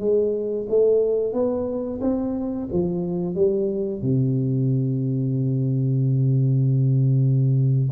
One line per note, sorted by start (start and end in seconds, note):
0.00 0.67 G#3
0.70 1.34 A3
1.34 2.01 B3
2.02 2.69 C4
2.73 3.36 F3
3.36 4.02 G3
4.02 7.90 C3